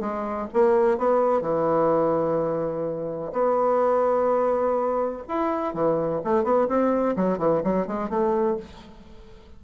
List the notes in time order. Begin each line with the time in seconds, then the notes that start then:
0.00 G#3
0.53 A#3
0.98 B3
1.41 E3
3.33 B3
5.28 E4
5.74 E3
6.24 A3
6.44 B3
6.68 C4
7.16 F#3
7.38 E3
7.64 F#3
7.87 G#3
8.09 A3